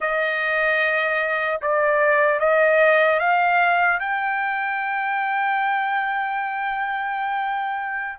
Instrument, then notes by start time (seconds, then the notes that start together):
trumpet
0.00 D#5
1.61 D5
2.39 D#5
3.19 F5
3.99 G5